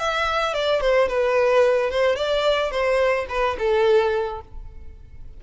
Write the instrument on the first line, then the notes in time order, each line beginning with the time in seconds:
violin
0.00 E5
0.54 D5
0.81 C5
1.09 B4
1.91 C5
2.16 D5
2.71 C5
3.29 B4
3.59 A4